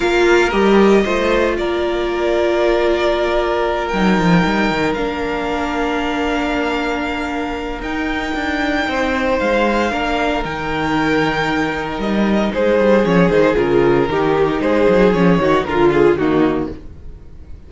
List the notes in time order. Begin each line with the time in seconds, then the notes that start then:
0.00 A#3 F4 A#4 F5
0.49 G3 G4 D#5
1.04 A3 F4 C5
1.57 A#3 A#4 D5
3.87 F#3 G5
3.94 D#4
4.17 F3
4.45 G3
4.70 D#3
4.94 A#3 D4 F5
7.80 D#4 G5
8.34 D4
8.87 C4 C5
9.39 G#3 F5
9.90 A#3 D4 A#4
10.44 D#3 D#4 G5
11.98 G3 D#5
12.53 G#3 G#4 C5
12.78 G3
13.03 F3 C#4 C#5
13.28 D#3 D#4 C5
13.55 C#3 F4 A#4
14.08 D#3 D#4 G4
14.60 G#3 G#4 C5
14.88 F#3
15.12 F3 C#4 C#5
15.38 D#3 D#4 F#4
15.63 D3 F4 A#4
15.92 G#4
16.14 D#3 A#3 D#4 F#4